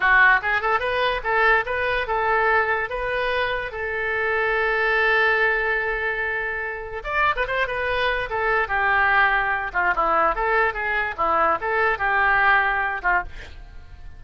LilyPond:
\new Staff \with { instrumentName = "oboe" } { \time 4/4 \tempo 4 = 145 fis'4 gis'8 a'8 b'4 a'4 | b'4 a'2 b'4~ | b'4 a'2.~ | a'1~ |
a'4 d''8. b'16 c''8 b'4. | a'4 g'2~ g'8 f'8 | e'4 a'4 gis'4 e'4 | a'4 g'2~ g'8 f'8 | }